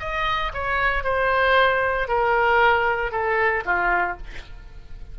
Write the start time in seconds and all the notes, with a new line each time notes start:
0.00 D#5
0.54 C#5
1.04 C5
2.08 A#4
3.12 A4
3.65 F4